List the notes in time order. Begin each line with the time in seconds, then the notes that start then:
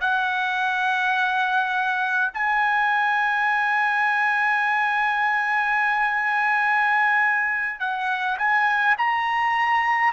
0.00 F#5
2.33 G#5
7.79 F#5
8.38 G#5
8.97 A#5